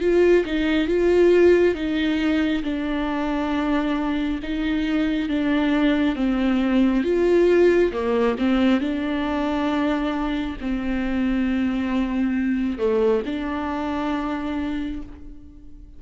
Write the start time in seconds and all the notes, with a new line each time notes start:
0.00 F4
0.45 D#4
0.87 F4
1.74 D#4
2.63 D4
4.43 D#4
5.29 D4
6.15 C4
7.03 F4
7.92 A#3
8.38 C4
8.80 D4
10.60 C4
12.78 A3
13.25 D4